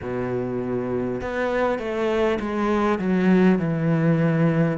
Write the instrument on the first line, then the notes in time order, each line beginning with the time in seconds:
cello
0.02 B2
1.21 B3
1.78 A3
2.39 G#3
2.98 F#3
3.58 E3